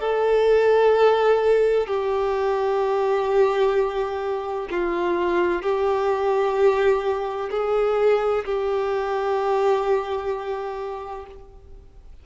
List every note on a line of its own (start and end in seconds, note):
0.00 1.87 A4
1.87 4.68 G4
4.70 5.62 F4
5.62 7.50 G4
7.50 8.44 G#4
8.45 11.26 G4